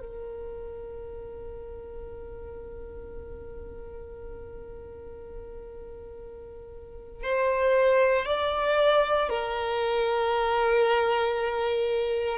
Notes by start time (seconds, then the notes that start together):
0.00 A#4
7.23 C5
8.26 D5
9.29 A#4